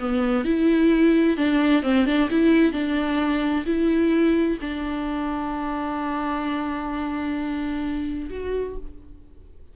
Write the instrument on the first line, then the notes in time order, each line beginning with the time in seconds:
viola
0.00 B3
0.45 E4
1.37 D4
1.83 C4
2.06 D4
2.30 E4
2.73 D4
3.66 E4
4.62 D4
8.30 F#4